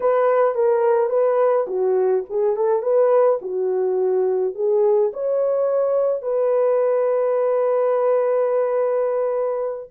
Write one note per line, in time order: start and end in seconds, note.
0.00 0.55 B4
0.55 1.09 A#4
1.09 1.66 B4
1.67 2.24 F#4
2.29 2.56 G#4
2.56 2.82 A4
2.82 3.39 B4
3.41 4.54 F#4
4.54 5.11 G#4
5.13 6.22 C#5
6.22 9.90 B4